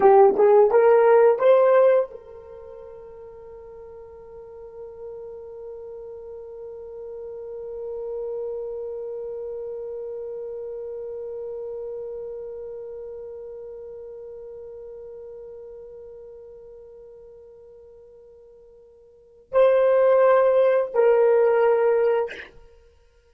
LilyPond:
\new Staff \with { instrumentName = "horn" } { \time 4/4 \tempo 4 = 86 g'8 gis'8 ais'4 c''4 ais'4~ | ais'1~ | ais'1~ | ais'1~ |
ais'1~ | ais'1~ | ais'1 | c''2 ais'2 | }